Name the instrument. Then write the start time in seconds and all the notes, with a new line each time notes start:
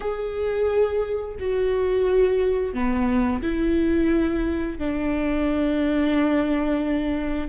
viola
0.00 G#4
1.39 F#4
2.73 B3
3.42 E4
4.78 D4